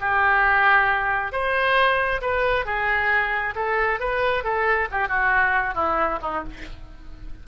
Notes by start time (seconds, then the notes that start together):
0.00 G4
1.32 C5
2.21 B4
2.65 G#4
3.55 A4
4.00 B4
4.43 A4
4.91 G4
5.08 F#4
5.75 E4
6.21 D#4